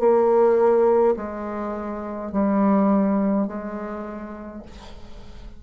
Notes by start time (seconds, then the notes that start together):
0.00 A#3
1.17 G#3
2.32 G3
3.48 G#3